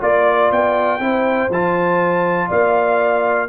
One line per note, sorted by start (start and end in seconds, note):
0.00 0.51 A#3
0.00 0.99 F4
0.00 0.51 D5
0.00 1.01 D5
0.51 0.99 B3
0.51 1.51 G5
0.99 1.49 C4
0.99 1.49 E4
0.99 2.48 C5
1.50 2.49 F3
1.50 3.48 F4
1.50 2.51 A5
2.48 3.48 A#3
2.48 3.47 D5
2.48 3.48 F5